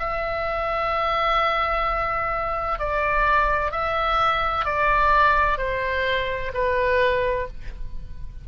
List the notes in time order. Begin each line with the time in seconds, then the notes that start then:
0.00 E5
2.79 D5
3.72 E5
4.65 D5
5.58 C5
6.54 B4